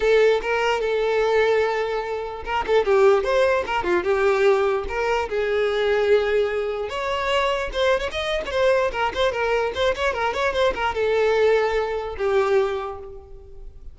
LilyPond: \new Staff \with { instrumentName = "violin" } { \time 4/4 \tempo 4 = 148 a'4 ais'4 a'2~ | a'2 ais'8 a'8 g'4 | c''4 ais'8 f'8 g'2 | ais'4 gis'2.~ |
gis'4 cis''2 c''8. cis''16 | dis''8. cis''16 c''4 ais'8 c''8 ais'4 | c''8 cis''8 ais'8 cis''8 c''8 ais'8 a'4~ | a'2 g'2 | }